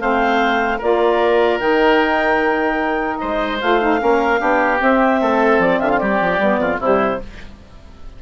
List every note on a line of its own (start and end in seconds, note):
0.00 0.81 A3
0.00 0.80 C4
0.00 0.79 C5
0.00 0.81 F5
0.79 1.61 A#3
0.79 1.60 F4
0.79 3.19 A#4
0.79 1.60 D5
1.60 3.21 D#3
1.60 3.60 D#4
1.60 3.17 G5
3.17 3.62 G#3
3.17 4.01 C5
3.17 3.57 D#5
3.61 4.02 A3
3.61 3.81 F4
3.61 4.81 F5
3.81 3.99 D#4
3.99 4.41 A#3
3.99 4.39 C#4
3.99 4.41 A#4
4.39 4.81 B3
4.39 4.79 D4
4.39 5.21 G4
4.79 6.39 C4
4.79 5.22 C4
4.79 5.61 E5
5.22 5.59 A3
5.22 5.80 A4
5.59 5.79 F3
5.59 5.80 D5
5.80 6.02 D3
5.80 6.00 F4
5.80 5.90 E5
5.90 5.99 F5
5.99 6.21 G3
5.99 6.61 G4
5.99 6.79 D5
6.21 6.39 F3
6.39 6.58 G3
6.39 6.80 B3
6.58 6.78 F2
6.58 6.80 F4
6.80 7.20 C3
6.80 7.22 G3
6.80 7.20 E4
6.80 7.22 C5